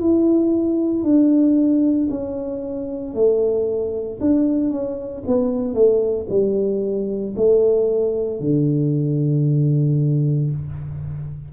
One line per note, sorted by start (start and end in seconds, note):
0.00 1.03 E4
1.03 2.08 D4
2.10 3.14 C#4
3.14 4.19 A3
4.21 4.70 D4
4.70 5.23 C#4
5.27 5.74 B3
5.74 6.26 A3
6.29 7.34 G3
7.36 8.40 A3
8.40 10.51 D3